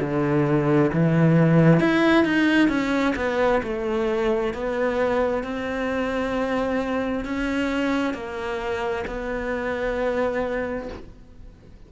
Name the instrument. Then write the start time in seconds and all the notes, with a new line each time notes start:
cello
0.00 D3
0.93 E3
1.80 E4
2.25 D#4
2.69 C#4
3.16 B3
3.63 A3
4.54 B3
5.43 C4
7.25 C#4
8.14 A#3
9.07 B3